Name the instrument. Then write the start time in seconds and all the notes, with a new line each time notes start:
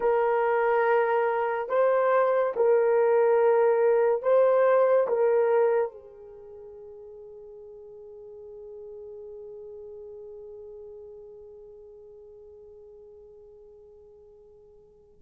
horn
0.00 A#4
1.69 C5
2.55 A#4
4.22 C5
5.07 A#4
5.92 G#4